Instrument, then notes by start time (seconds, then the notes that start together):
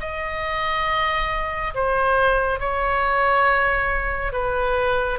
oboe
0.00 D#5
1.74 C5
2.60 C#5
4.32 B4